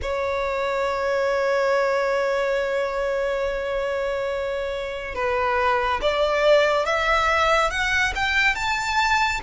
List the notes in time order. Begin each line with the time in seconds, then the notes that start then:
0.02 C#5
5.14 B4
6.01 D5
6.85 E5
7.70 F#5
8.15 G5
8.55 A5